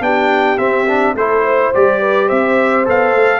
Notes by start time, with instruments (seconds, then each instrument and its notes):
0.00 tuba B3, trombone D4, horn G4, trumpet G5
0.58 trombone C4, tuba C4, trumpet E5
0.87 trombone D4
1.15 tuba A3, trombone E4, horn A4, trumpet C5
1.44 horn C5
1.74 tuba G3, trombone G4, trumpet D5
2.00 horn B4
2.26 tuba C4, horn C5, trumpet E5
2.85 tuba B3, trombone A4, trumpet F5
3.14 tuba A3